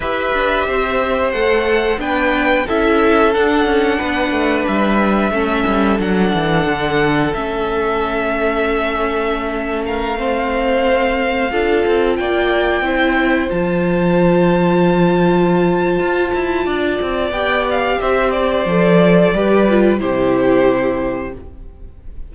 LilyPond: <<
  \new Staff \with { instrumentName = "violin" } { \time 4/4 \tempo 4 = 90 e''2 fis''4 g''4 | e''4 fis''2 e''4~ | e''4 fis''2 e''4~ | e''2~ e''8. f''4~ f''16~ |
f''2~ f''16 g''4.~ g''16~ | g''16 a''2.~ a''8.~ | a''2 g''8 f''8 e''8 d''8~ | d''2 c''2 | }
  \new Staff \with { instrumentName = "violin" } { \time 4/4 b'4 c''2 b'4 | a'2 b'2 | a'1~ | a'2~ a'8. ais'8 c''8.~ |
c''4~ c''16 a'4 d''4 c''8.~ | c''1~ | c''4 d''2 c''4~ | c''4 b'4 g'2 | }
  \new Staff \with { instrumentName = "viola" } { \time 4/4 g'2 a'4 d'4 | e'4 d'2. | cis'4 d'2 cis'4~ | cis'2.~ cis'16 c'8.~ |
c'4~ c'16 f'2 e'8.~ | e'16 f'2.~ f'8.~ | f'2 g'2 | a'4 g'8 f'8 e'2 | }
  \new Staff \with { instrumentName = "cello" } { \time 4/4 e'8 d'8 c'4 a4 b4 | cis'4 d'8 cis'8 b8 a8 g4 | a8 g8 fis8 e8 d4 a4~ | a1~ |
a4~ a16 d'8 c'8 ais4 c'8.~ | c'16 f2.~ f8. | f'8 e'8 d'8 c'8 b4 c'4 | f4 g4 c2 | }
>>